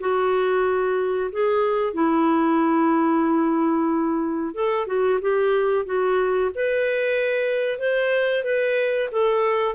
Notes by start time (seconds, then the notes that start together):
0.00 F#4
1.32 G#4
1.94 E4
4.55 A4
4.87 F#4
5.21 G4
5.86 F#4
6.55 B4
7.79 C5
8.44 B4
9.12 A4